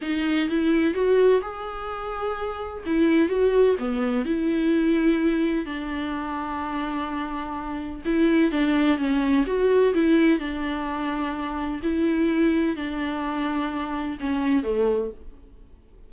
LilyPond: \new Staff \with { instrumentName = "viola" } { \time 4/4 \tempo 4 = 127 dis'4 e'4 fis'4 gis'4~ | gis'2 e'4 fis'4 | b4 e'2. | d'1~ |
d'4 e'4 d'4 cis'4 | fis'4 e'4 d'2~ | d'4 e'2 d'4~ | d'2 cis'4 a4 | }